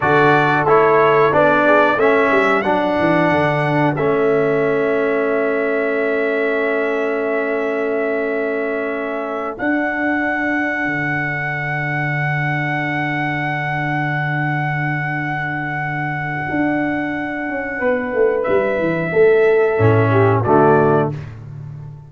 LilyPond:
<<
  \new Staff \with { instrumentName = "trumpet" } { \time 4/4 \tempo 4 = 91 d''4 cis''4 d''4 e''4 | fis''2 e''2~ | e''1~ | e''2~ e''8 fis''4.~ |
fis''1~ | fis''1~ | fis''1 | e''2. d''4 | }
  \new Staff \with { instrumentName = "horn" } { \time 4/4 a'2~ a'8 gis'8 a'4~ | a'1~ | a'1~ | a'1~ |
a'1~ | a'1~ | a'2. b'4~ | b'4 a'4. g'8 fis'4 | }
  \new Staff \with { instrumentName = "trombone" } { \time 4/4 fis'4 e'4 d'4 cis'4 | d'2 cis'2~ | cis'1~ | cis'2~ cis'8 d'4.~ |
d'1~ | d'1~ | d'1~ | d'2 cis'4 a4 | }
  \new Staff \with { instrumentName = "tuba" } { \time 4/4 d4 a4 b4 a8 g8 | fis8 e8 d4 a2~ | a1~ | a2~ a8 d'4.~ |
d'8 d2.~ d8~ | d1~ | d4 d'4. cis'8 b8 a8 | g8 e8 a4 a,4 d4 | }
>>